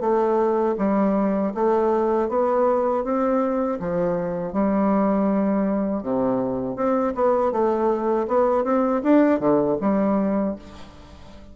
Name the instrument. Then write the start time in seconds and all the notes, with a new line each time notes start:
bassoon
0.00 A3
0.78 G3
1.54 A3
2.29 B3
3.04 C4
3.79 F3
4.52 G3
6.02 C3
6.76 C4
7.15 B3
7.52 A3
8.27 B3
8.64 C4
9.03 D4
9.39 D3
9.80 G3